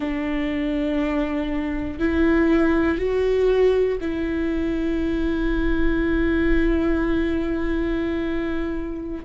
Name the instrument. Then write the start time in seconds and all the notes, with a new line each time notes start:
viola
0.00 D4
1.99 E4
2.98 F#4
4.00 E4